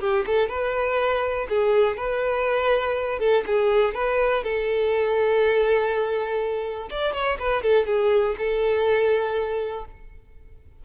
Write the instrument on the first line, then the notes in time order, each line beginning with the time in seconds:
violin
0.00 G4
0.26 A4
0.49 B4
1.49 G#4
1.97 B4
3.19 A4
3.46 G#4
3.94 B4
4.43 A4
6.90 D5
7.13 C#5
7.39 B4
7.62 A4
7.86 G#4
8.38 A4